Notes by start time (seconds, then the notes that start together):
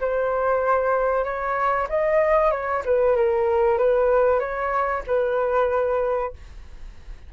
0.00 C5
1.24 C#5
1.89 D#5
2.51 C#5
2.85 B4
3.16 A#4
3.78 B4
4.39 C#5
5.06 B4